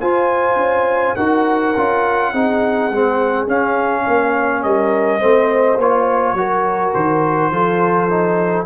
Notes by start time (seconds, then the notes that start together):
0.00 F4 C5 G#5
0.56 C#4
1.15 D#4 F#4 A#4 F#5
1.76 C#4 F4
2.32 C4 D#4 G#4
2.89 G#3 C4
3.47 C#4 F5
4.02 A#3 C#5
4.62 G3 A#4 D#5
5.19 A3 C4 C5
5.76 A#3 F4 C#5
6.33 F#3 F#4 A#4
6.94 D#3 C5
7.50 F3 F4 A4
8.09 D#4